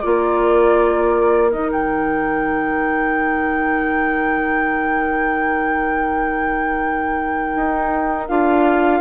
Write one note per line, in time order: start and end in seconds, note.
0.00 1.54 A#3
0.00 1.50 F4
0.00 9.00 A#4
0.00 1.50 D5
1.50 7.54 D#3
1.50 8.25 D#4
1.50 1.70 D#5
1.72 8.28 G5
7.55 8.29 D#4
8.28 9.00 D4
8.28 9.00 F4
8.28 9.00 F5